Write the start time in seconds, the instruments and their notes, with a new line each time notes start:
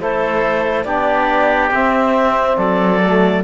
0.00 cello A3, trombone E4, oboe A4, clarinet C5
0.83 cello B3, trombone D4, oboe G4, clarinet D5
1.71 cello C4, trombone C4, clarinet E5
2.56 cello F#3, oboe A4, clarinet D5
3.02 trombone A3